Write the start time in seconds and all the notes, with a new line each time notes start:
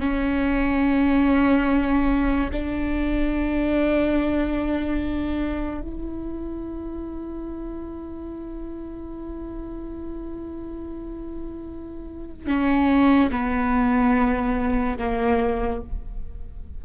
0.00 C#4
2.52 D4
5.82 E4
12.47 C#4
13.31 B3
14.98 A#3